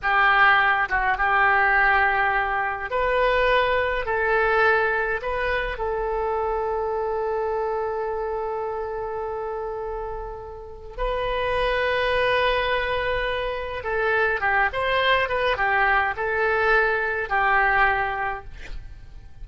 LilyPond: \new Staff \with { instrumentName = "oboe" } { \time 4/4 \tempo 4 = 104 g'4. fis'8 g'2~ | g'4 b'2 a'4~ | a'4 b'4 a'2~ | a'1~ |
a'2. b'4~ | b'1 | a'4 g'8 c''4 b'8 g'4 | a'2 g'2 | }